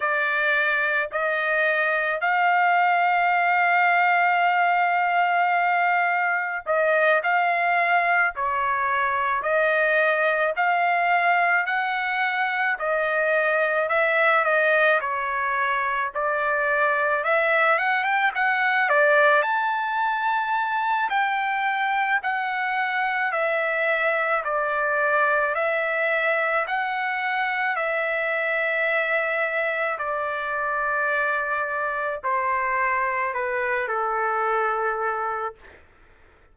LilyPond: \new Staff \with { instrumentName = "trumpet" } { \time 4/4 \tempo 4 = 54 d''4 dis''4 f''2~ | f''2 dis''8 f''4 cis''8~ | cis''8 dis''4 f''4 fis''4 dis''8~ | dis''8 e''8 dis''8 cis''4 d''4 e''8 |
fis''16 g''16 fis''8 d''8 a''4. g''4 | fis''4 e''4 d''4 e''4 | fis''4 e''2 d''4~ | d''4 c''4 b'8 a'4. | }